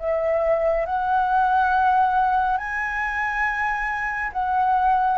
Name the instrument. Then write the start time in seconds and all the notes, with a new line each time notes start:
flute
0.00 E5
0.86 F#5
2.58 G#5
4.33 F#5